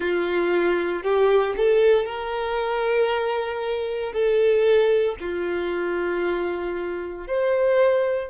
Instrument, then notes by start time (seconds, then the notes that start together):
violin
0.00 F4
1.03 G4
1.57 A4
2.05 A#4
4.12 A4
5.20 F4
7.27 C5